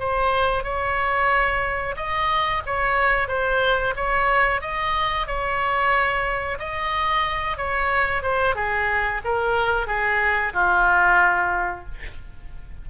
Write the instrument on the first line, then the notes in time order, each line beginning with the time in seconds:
oboe
0.00 C5
0.64 C#5
1.97 D#5
2.67 C#5
3.29 C5
3.97 C#5
4.62 D#5
5.27 C#5
6.59 D#5
7.58 C#5
8.23 C5
8.56 G#4
9.25 A#4
9.88 G#4
10.54 F4